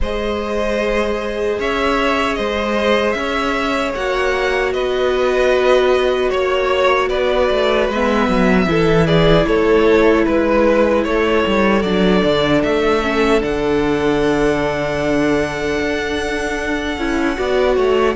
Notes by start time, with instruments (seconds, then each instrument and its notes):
0.00 cello G#3, viola G#4, violin C5 D#5
1.58 cello C#4, violin C#5 E5
2.34 cello G#3, violin C5 D#5
3.12 cello C#4, violin E5
3.18 violin C#5
3.94 cello A#3, viola F#4, violin F#5
4.73 cello B3, violin B4 D#5
6.30 cello A#3, violin C#5
7.08 cello B3, violin B4 D5
7.50 cello A3
7.89 cello G#3, viola B3, violin E5
8.28 cello F#3
8.65 cello E3, viola E4, violin A4
9.07 violin G#4 D5
9.46 cello A3, violin A4 C#5
10.24 cello G#3, violin B4
11.03 cello A3, violin A4 C#5
11.47 cello G3
11.82 cello F#3, viola D4, violin D5
12.24 cello D3
12.63 cello A3, violin E5
13.01 viola C#4
13.40 cello D3, viola D4, violin F#5
15.80 cello D4
16.97 cello C#4, viola E4
17.36 cello B3, viola F#4, violin D5
17.76 cello A3, violin C#5